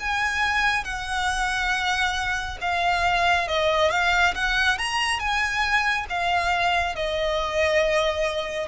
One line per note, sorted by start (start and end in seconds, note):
0.00 0.85 G#5
0.85 2.59 F#5
2.62 3.48 F5
3.48 3.91 D#5
3.91 4.34 F5
4.35 4.79 F#5
4.79 5.20 A#5
5.20 6.07 G#5
6.10 6.96 F5
6.96 8.68 D#5